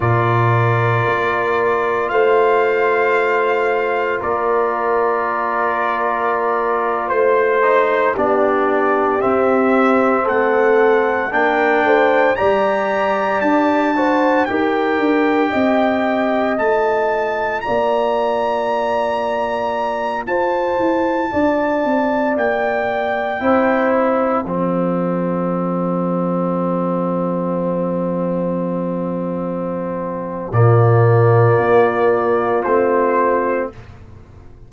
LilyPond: <<
  \new Staff \with { instrumentName = "trumpet" } { \time 4/4 \tempo 4 = 57 d''2 f''2 | d''2~ d''8. c''4 d''16~ | d''8. e''4 fis''4 g''4 ais''16~ | ais''8. a''4 g''2 a''16~ |
a''8. ais''2~ ais''8 a''8.~ | a''4~ a''16 g''4. f''4~ f''16~ | f''1~ | f''4 d''2 c''4 | }
  \new Staff \with { instrumentName = "horn" } { \time 4/4 ais'2 c''2 | ais'2~ ais'8. c''4 g'16~ | g'4.~ g'16 a'4 ais'8 c''8 d''16~ | d''4~ d''16 c''8 ais'4 dis''4~ dis''16~ |
dis''8. d''2~ d''8 c''8.~ | c''16 d''2 c''4 a'8.~ | a'1~ | a'4 f'2. | }
  \new Staff \with { instrumentName = "trombone" } { \time 4/4 f'1~ | f'2.~ f'16 dis'8 d'16~ | d'8. c'2 d'4 g'16~ | g'4~ g'16 fis'8 g'2 f'16~ |
f'1~ | f'2~ f'16 e'4 c'8.~ | c'1~ | c'4 ais2 c'4 | }
  \new Staff \with { instrumentName = "tuba" } { \time 4/4 ais,4 ais4 a2 | ais2~ ais8. a4 b16~ | b8. c'4 a4 ais8 a8 g16~ | g8. d'4 dis'8 d'8 c'4 a16~ |
a8. ais2~ ais8 f'8 e'16~ | e'16 d'8 c'8 ais4 c'4 f8.~ | f1~ | f4 ais,4 ais4 a4 | }
>>